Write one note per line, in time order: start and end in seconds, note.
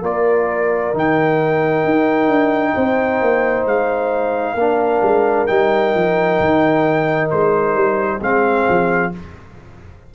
0.00 0.93 A#3
0.00 0.93 F4
0.00 2.73 A#4
0.00 0.95 D5
0.93 1.84 D#3
0.93 4.57 D#4
0.93 3.67 G5
1.84 2.27 D#4
2.27 2.73 D4
2.74 3.21 C4
2.74 4.55 C5
3.21 3.65 A#3
3.65 4.54 G#3
3.65 5.46 F5
4.54 4.99 A#3
4.54 5.47 D4
4.54 8.18 A#4
5.02 5.47 G#3
5.46 5.94 G3
5.46 8.20 D#4
5.46 7.28 G5
5.94 6.39 F3
6.40 7.30 D#3
7.30 7.75 G#3
7.30 8.21 C5
7.75 8.20 G3
8.20 8.66 G#3
8.20 9.12 C4
8.20 9.11 G#4
8.20 9.13 F5
8.69 9.14 F3